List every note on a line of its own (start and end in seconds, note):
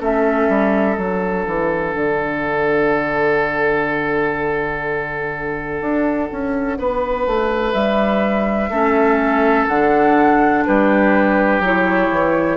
0.00 0.49 A3
0.00 0.97 C#4
0.00 6.78 A4
0.00 0.98 E5
0.49 0.97 G3
0.97 1.46 F#3
0.97 8.71 D4
0.97 7.73 F#5
1.47 1.94 E3
1.94 5.81 D3
5.81 6.29 D4
6.32 6.78 C#4
6.78 7.27 B3
6.78 8.70 B4
7.27 7.74 A3
7.73 8.70 G3
7.73 9.66 E5
8.70 9.67 A3
8.70 9.70 C#4
8.70 10.64 A4
9.68 10.65 D3
9.68 11.63 D4
9.68 10.65 F#5
10.66 11.60 G3
10.66 12.57 G4
10.66 11.63 B4
11.60 12.08 F#3
11.60 12.57 E4
11.60 12.57 C#5
12.11 12.57 E3